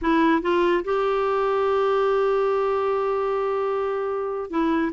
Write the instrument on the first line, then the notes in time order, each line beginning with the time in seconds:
clarinet
0.01 E4
0.42 F4
0.84 G4
4.50 E4